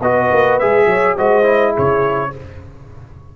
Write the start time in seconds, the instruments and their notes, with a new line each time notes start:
0.00 tuba B3, trombone F#4, horn B4, trumpet D#5
0.31 tuba A#3
0.59 tuba G#3, trombone G#4, trumpet E5
0.86 tuba F#3, horn C#5
1.16 tuba G#3, trombone F#4, horn C5, trumpet D#5
1.43 trombone E4
1.73 tuba C#3, horn G#4, trumpet C#5